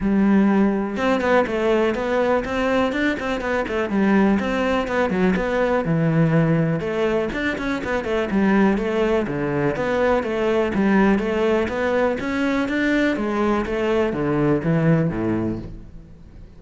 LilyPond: \new Staff \with { instrumentName = "cello" } { \time 4/4 \tempo 4 = 123 g2 c'8 b8 a4 | b4 c'4 d'8 c'8 b8 a8 | g4 c'4 b8 fis8 b4 | e2 a4 d'8 cis'8 |
b8 a8 g4 a4 d4 | b4 a4 g4 a4 | b4 cis'4 d'4 gis4 | a4 d4 e4 a,4 | }